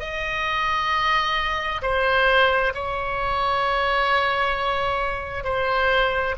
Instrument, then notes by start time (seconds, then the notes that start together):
oboe
0.00 D#5
1.83 C5
2.75 C#5
5.45 C5